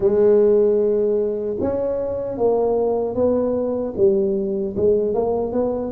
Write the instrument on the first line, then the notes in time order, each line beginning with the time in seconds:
tuba
0.00 G#3
1.60 C#4
2.37 A#3
3.14 B3
3.97 G3
4.76 G#3
5.14 A#3
5.52 B3